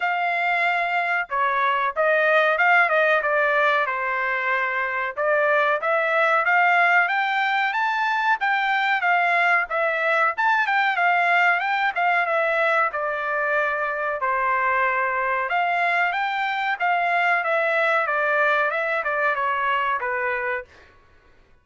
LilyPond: \new Staff \with { instrumentName = "trumpet" } { \time 4/4 \tempo 4 = 93 f''2 cis''4 dis''4 | f''8 dis''8 d''4 c''2 | d''4 e''4 f''4 g''4 | a''4 g''4 f''4 e''4 |
a''8 g''8 f''4 g''8 f''8 e''4 | d''2 c''2 | f''4 g''4 f''4 e''4 | d''4 e''8 d''8 cis''4 b'4 | }